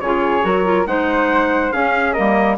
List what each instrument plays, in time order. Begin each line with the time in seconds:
0.00 bassoon C#3, clarinet F4, flute G#4, trumpet C#5
0.41 bassoon F#3, clarinet F#4, flute A#4
0.64 clarinet F4
0.86 bassoon G#3, clarinet D#4, flute C5, trumpet F#5
1.72 clarinet C#4, bassoon C#4, flute G#4, trumpet F5
2.13 bassoon G3, clarinet A#3, flute A#4, trumpet D#5